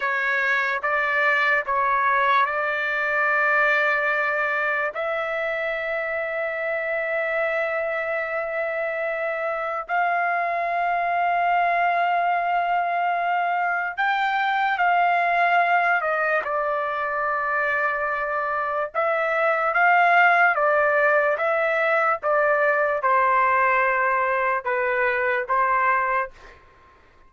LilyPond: \new Staff \with { instrumentName = "trumpet" } { \time 4/4 \tempo 4 = 73 cis''4 d''4 cis''4 d''4~ | d''2 e''2~ | e''1 | f''1~ |
f''4 g''4 f''4. dis''8 | d''2. e''4 | f''4 d''4 e''4 d''4 | c''2 b'4 c''4 | }